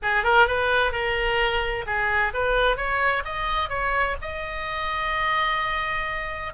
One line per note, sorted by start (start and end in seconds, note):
0.02 0.23 G#4
0.23 0.47 A#4
0.47 0.92 B4
0.92 1.85 A#4
1.86 2.32 G#4
2.33 2.76 B4
2.76 3.23 C#5
3.24 3.69 D#5
3.69 4.15 C#5
4.21 6.53 D#5